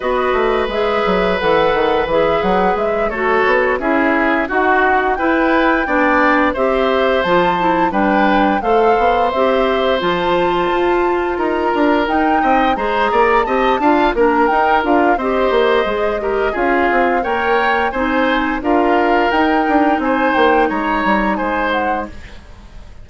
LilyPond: <<
  \new Staff \with { instrumentName = "flute" } { \time 4/4 \tempo 4 = 87 dis''4 e''4 fis''4 e''8 fis''8 | e''8 cis''4 e''4 fis''4 g''8~ | g''4. e''4 a''4 g''8~ | g''8 f''4 e''4 a''4.~ |
a''8 ais''4 g''4 ais''4 a''8~ | a''8 ais''8 g''8 f''8 dis''2 | f''4 g''4 gis''4 f''4 | g''4 gis''8 g''8 ais''4 gis''8 fis''8 | }
  \new Staff \with { instrumentName = "oboe" } { \time 4/4 b'1~ | b'8 a'4 gis'4 fis'4 b'8~ | b'8 d''4 c''2 b'8~ | b'8 c''2.~ c''8~ |
c''8 ais'4. dis''8 c''8 d''8 dis''8 | f''8 ais'4. c''4. ais'8 | gis'4 cis''4 c''4 ais'4~ | ais'4 c''4 cis''4 c''4 | }
  \new Staff \with { instrumentName = "clarinet" } { \time 4/4 fis'4 gis'4 a'4 gis'4~ | gis'8 fis'4 e'4 fis'4 e'8~ | e'8 d'4 g'4 f'8 e'8 d'8~ | d'8 a'4 g'4 f'4.~ |
f'4. dis'4 gis'4 g'8 | f'8 d'8 dis'8 f'8 g'4 gis'8 g'8 | f'4 ais'4 dis'4 f'4 | dis'1 | }
  \new Staff \with { instrumentName = "bassoon" } { \time 4/4 b8 a8 gis8 fis8 e8 dis8 e8 fis8 | gis8 a8 b8 cis'4 dis'4 e'8~ | e'8 b4 c'4 f4 g8~ | g8 a8 b8 c'4 f4 f'8~ |
f'8 dis'8 d'8 dis'8 c'8 gis8 ais8 c'8 | d'8 ais8 dis'8 d'8 c'8 ais8 gis4 | cis'8 c'8 ais4 c'4 d'4 | dis'8 d'8 c'8 ais8 gis8 g8 gis4 | }
>>